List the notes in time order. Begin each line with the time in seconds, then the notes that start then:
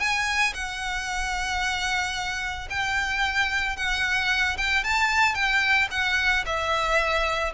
0.00 G#5
0.54 F#5
2.70 G5
3.77 F#5
4.58 G5
4.84 A5
5.35 G5
5.91 F#5
6.46 E5